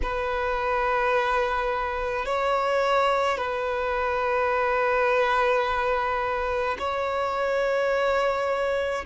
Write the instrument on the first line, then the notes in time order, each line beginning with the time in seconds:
violin
0.02 B4
2.25 C#5
3.37 B4
6.78 C#5